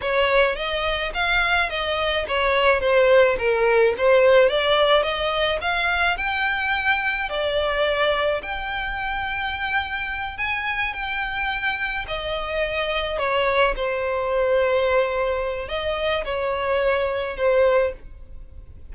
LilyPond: \new Staff \with { instrumentName = "violin" } { \time 4/4 \tempo 4 = 107 cis''4 dis''4 f''4 dis''4 | cis''4 c''4 ais'4 c''4 | d''4 dis''4 f''4 g''4~ | g''4 d''2 g''4~ |
g''2~ g''8 gis''4 g''8~ | g''4. dis''2 cis''8~ | cis''8 c''2.~ c''8 | dis''4 cis''2 c''4 | }